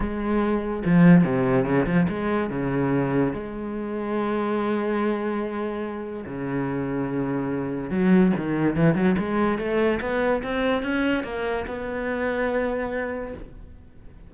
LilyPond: \new Staff \with { instrumentName = "cello" } { \time 4/4 \tempo 4 = 144 gis2 f4 c4 | cis8 f8 gis4 cis2 | gis1~ | gis2. cis4~ |
cis2. fis4 | dis4 e8 fis8 gis4 a4 | b4 c'4 cis'4 ais4 | b1 | }